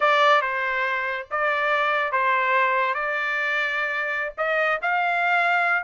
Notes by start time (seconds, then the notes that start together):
0.00 D5
0.41 C5
1.31 D5
2.12 C5
2.94 D5
4.37 D#5
4.82 F5